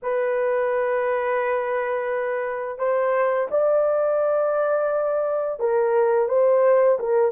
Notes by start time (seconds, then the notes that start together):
0.02 B4
2.78 C5
3.51 D5
5.59 A#4
6.28 C5
6.99 A#4